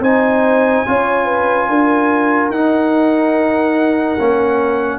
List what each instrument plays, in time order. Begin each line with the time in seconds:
0.00 tuba C4, trombone D#4, horn C5, trumpet G#5
0.86 tuba C#4, trombone F4, horn C#5
1.25 horn B4
1.69 tuba D4, horn A#4
2.50 tuba D#4, trombone D#4, trumpet F#5
4.18 tuba A#3, trombone C#4